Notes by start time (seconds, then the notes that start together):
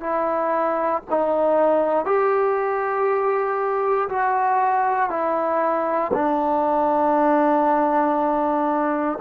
0.00 E4
1.10 D#4
2.05 G4
4.09 F#4
5.10 E4
6.13 D4